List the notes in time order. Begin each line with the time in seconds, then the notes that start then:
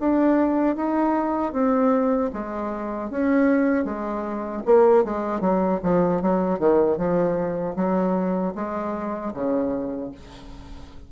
0.00 D4
0.76 D#4
1.53 C4
2.33 G#3
3.10 C#4
3.85 G#3
4.65 A#3
5.04 G#3
5.41 F#3
5.83 F3
6.22 F#3
6.59 D#3
6.97 F3
7.76 F#3
8.55 G#3
9.34 C#3